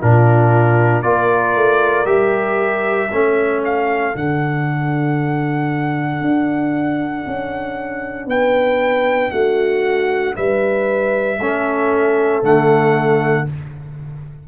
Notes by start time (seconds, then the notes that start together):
0.00 A#2 D4 F4 A#4
1.02 A#3 F4 A#4 D5
1.55 A3
2.05 G3 G4 E5
3.11 A3 C#4 A4
3.64 F5
4.13 D3 D4 F#5
6.21 D4
7.27 C#4
8.26 B3 B4 G5
9.31 A3 F#4 F#5
10.35 G3 B4 E5
11.38 A3 C#4 A4
12.43 D3 A3 F#5